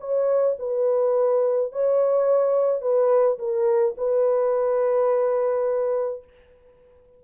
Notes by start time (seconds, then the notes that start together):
0.00 C#5
0.59 B4
1.72 C#5
2.81 B4
3.39 A#4
3.97 B4